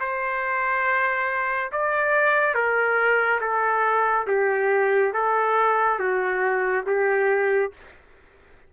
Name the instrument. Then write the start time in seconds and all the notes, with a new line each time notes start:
trumpet
0.00 C5
1.72 D5
2.54 A#4
3.41 A4
4.27 G4
5.14 A4
6.00 F#4
6.86 G4